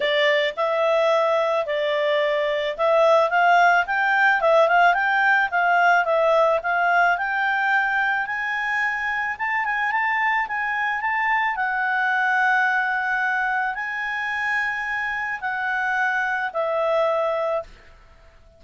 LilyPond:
\new Staff \with { instrumentName = "clarinet" } { \time 4/4 \tempo 4 = 109 d''4 e''2 d''4~ | d''4 e''4 f''4 g''4 | e''8 f''8 g''4 f''4 e''4 | f''4 g''2 gis''4~ |
gis''4 a''8 gis''8 a''4 gis''4 | a''4 fis''2.~ | fis''4 gis''2. | fis''2 e''2 | }